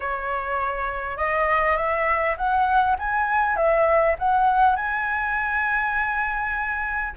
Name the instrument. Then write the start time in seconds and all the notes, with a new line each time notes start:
flute
0.00 C#5
1.17 D#5
1.76 E5
2.37 F#5
2.99 G#5
3.56 E5
4.19 F#5
4.76 G#5